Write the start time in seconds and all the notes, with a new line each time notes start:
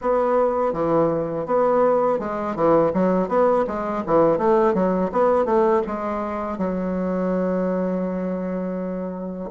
0.01 B3
0.72 E3
1.46 B3
2.19 G#3
2.55 E3
2.93 F#3
3.28 B3
3.67 G#3
4.06 E3
4.38 A3
4.74 F#3
5.12 B3
5.45 A3
5.86 G#3
6.58 F#3